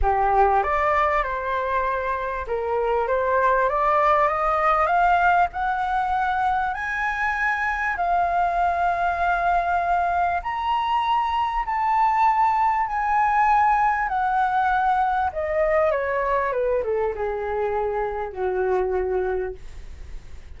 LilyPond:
\new Staff \with { instrumentName = "flute" } { \time 4/4 \tempo 4 = 98 g'4 d''4 c''2 | ais'4 c''4 d''4 dis''4 | f''4 fis''2 gis''4~ | gis''4 f''2.~ |
f''4 ais''2 a''4~ | a''4 gis''2 fis''4~ | fis''4 dis''4 cis''4 b'8 a'8 | gis'2 fis'2 | }